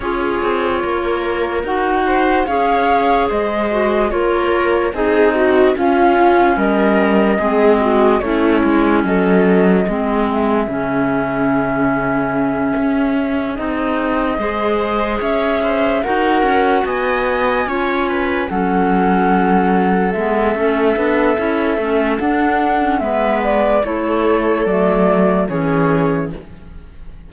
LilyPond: <<
  \new Staff \with { instrumentName = "flute" } { \time 4/4 \tempo 4 = 73 cis''2 fis''4 f''4 | dis''4 cis''4 dis''4 f''4 | dis''2 cis''4 dis''4~ | dis''8 e''2.~ e''8~ |
e''8 dis''2 e''4 fis''8~ | fis''8 gis''2 fis''4.~ | fis''8 e''2~ e''8 fis''4 | e''8 d''8 cis''4 d''4 cis''4 | }
  \new Staff \with { instrumentName = "viola" } { \time 4/4 gis'4 ais'4. c''8 cis''4 | c''4 ais'4 gis'8 fis'8 f'4 | ais'4 gis'8 fis'8 e'4 a'4 | gis'1~ |
gis'4. c''4 cis''8 c''8 ais'8~ | ais'8 dis''4 cis''8 b'8 a'4.~ | a'1 | b'4 a'2 gis'4 | }
  \new Staff \with { instrumentName = "clarinet" } { \time 4/4 f'2 fis'4 gis'4~ | gis'8 fis'8 f'4 dis'4 cis'4~ | cis'4 c'4 cis'2 | c'4 cis'2.~ |
cis'8 dis'4 gis'2 fis'8~ | fis'4. f'4 cis'4.~ | cis'8 b8 cis'8 d'8 e'8 cis'8 d'8. cis'16 | b4 e'4 a4 cis'4 | }
  \new Staff \with { instrumentName = "cello" } { \time 4/4 cis'8 c'8 ais4 dis'4 cis'4 | gis4 ais4 c'4 cis'4 | g4 gis4 a8 gis8 fis4 | gis4 cis2~ cis8 cis'8~ |
cis'8 c'4 gis4 cis'4 dis'8 | cis'8 b4 cis'4 fis4.~ | fis8 gis8 a8 b8 cis'8 a8 d'4 | gis4 a4 fis4 e4 | }
>>